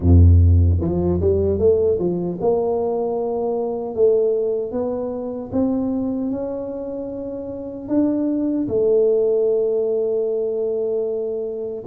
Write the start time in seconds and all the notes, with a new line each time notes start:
0.00 F2
0.80 F3
1.20 G3
1.58 A3
1.99 F3
2.40 A#3
3.94 A3
4.71 B3
5.52 C4
6.31 C#4
7.88 D4
8.68 A3